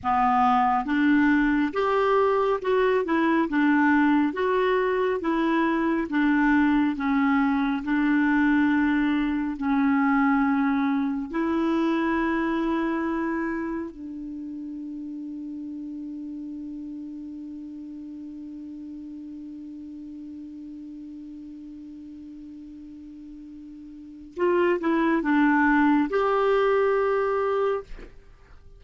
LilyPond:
\new Staff \with { instrumentName = "clarinet" } { \time 4/4 \tempo 4 = 69 b4 d'4 g'4 fis'8 e'8 | d'4 fis'4 e'4 d'4 | cis'4 d'2 cis'4~ | cis'4 e'2. |
d'1~ | d'1~ | d'1 | f'8 e'8 d'4 g'2 | }